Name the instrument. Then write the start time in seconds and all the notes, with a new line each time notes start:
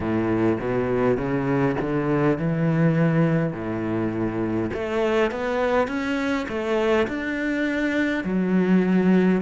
cello
0.00 A2
0.60 B2
1.17 C#3
1.80 D3
2.38 E3
3.52 A2
4.73 A3
5.31 B3
5.87 C#4
6.48 A3
7.07 D4
8.24 F#3